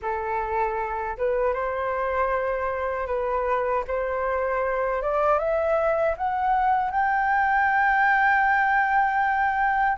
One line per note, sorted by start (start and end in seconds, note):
0.01 1.17 A4
1.17 1.53 B4
1.53 3.07 C5
3.07 3.84 B4
3.87 5.02 C5
5.02 5.38 D5
5.38 6.15 E5
6.17 6.90 F#5
6.90 9.98 G5